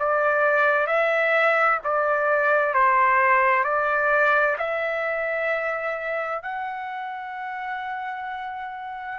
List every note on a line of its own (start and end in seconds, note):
0.00 0.87 D5
0.87 1.80 E5
1.85 2.74 D5
2.74 3.65 C5
3.65 4.57 D5
4.59 6.43 E5
6.43 9.19 F#5